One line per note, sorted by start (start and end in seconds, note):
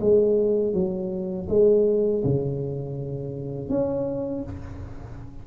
0.00 0.73 G#3
0.73 1.47 F#3
1.49 2.23 G#3
2.24 3.69 C#3
3.69 4.43 C#4